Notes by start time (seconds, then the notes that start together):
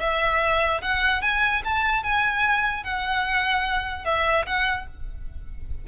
0.00 E5
0.82 F#5
1.22 G#5
1.65 A5
2.03 G#5
2.83 F#5
4.05 E5
4.46 F#5